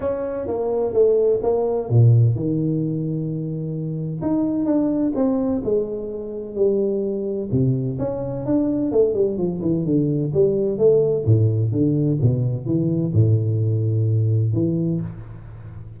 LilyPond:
\new Staff \with { instrumentName = "tuba" } { \time 4/4 \tempo 4 = 128 cis'4 ais4 a4 ais4 | ais,4 dis2.~ | dis4 dis'4 d'4 c'4 | gis2 g2 |
c4 cis'4 d'4 a8 g8 | f8 e8 d4 g4 a4 | a,4 d4 b,4 e4 | a,2. e4 | }